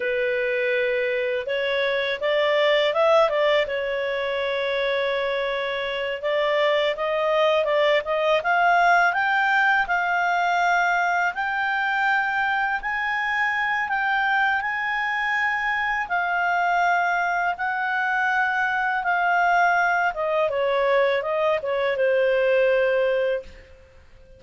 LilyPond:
\new Staff \with { instrumentName = "clarinet" } { \time 4/4 \tempo 4 = 82 b'2 cis''4 d''4 | e''8 d''8 cis''2.~ | cis''8 d''4 dis''4 d''8 dis''8 f''8~ | f''8 g''4 f''2 g''8~ |
g''4. gis''4. g''4 | gis''2 f''2 | fis''2 f''4. dis''8 | cis''4 dis''8 cis''8 c''2 | }